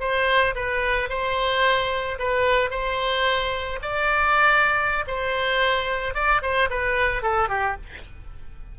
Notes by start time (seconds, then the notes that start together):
0.00 C5
0.55 B4
1.09 C5
2.19 B4
2.70 C5
3.82 D5
5.07 C5
6.14 D5
6.42 C5
6.70 B4
7.22 A4
7.49 G4